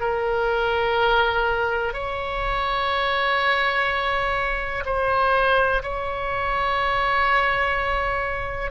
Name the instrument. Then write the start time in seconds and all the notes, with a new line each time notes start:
oboe
0.00 A#4
1.93 C#5
4.85 C5
5.82 C#5